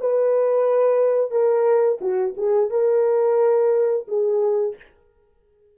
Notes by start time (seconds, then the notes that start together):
0.00 B4
1.31 A#4
2.01 F#4
2.37 G#4
2.70 A#4
4.08 G#4